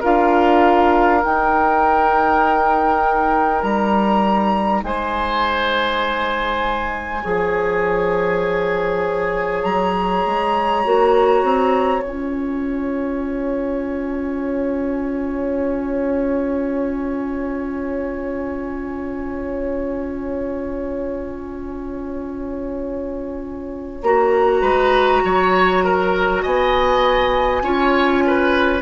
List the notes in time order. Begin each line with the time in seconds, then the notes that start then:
0.00 D4 F4 A#4 F5
1.21 D#4 G5
3.62 G3 A#5
4.83 G#3 C5 G#5
7.23 F3 G#4 C#5
9.63 F#3 A#5
10.26 G#3
10.84 A#3 F#4
11.43 C4
12.03 C#4 F4 G#5
24.02 A#3 F#4 A#5
24.61 G#3 B4
25.23 F#3 C#5
25.84 A#4
26.42 B3 D#5 G#5
27.62 C#4 F4 C#5
28.27 B4